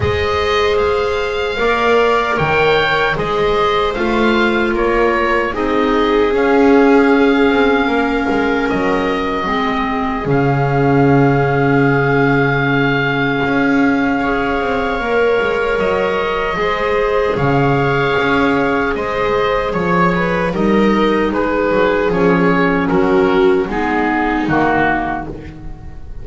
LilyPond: <<
  \new Staff \with { instrumentName = "oboe" } { \time 4/4 \tempo 4 = 76 dis''4 f''2 g''4 | dis''4 f''4 cis''4 dis''4 | f''2. dis''4~ | dis''4 f''2.~ |
f''1 | dis''2 f''2 | dis''4 cis''4 dis''4 b'4 | cis''4 ais'4 gis'4 fis'4 | }
  \new Staff \with { instrumentName = "viola" } { \time 4/4 c''2 d''4 cis''4 | c''2 ais'4 gis'4~ | gis'2 ais'2 | gis'1~ |
gis'2 cis''2~ | cis''4 c''4 cis''2 | c''4 cis''8 b'8 ais'4 gis'4~ | gis'4 fis'4 dis'2 | }
  \new Staff \with { instrumentName = "clarinet" } { \time 4/4 gis'2 ais'2 | gis'4 f'2 dis'4 | cis'1 | c'4 cis'2.~ |
cis'2 gis'4 ais'4~ | ais'4 gis'2.~ | gis'2 dis'2 | cis'2 b4 ais4 | }
  \new Staff \with { instrumentName = "double bass" } { \time 4/4 gis2 ais4 dis4 | gis4 a4 ais4 c'4 | cis'4. c'8 ais8 gis8 fis4 | gis4 cis2.~ |
cis4 cis'4. c'8 ais8 gis8 | fis4 gis4 cis4 cis'4 | gis4 f4 g4 gis8 fis8 | f4 fis4 gis4 dis4 | }
>>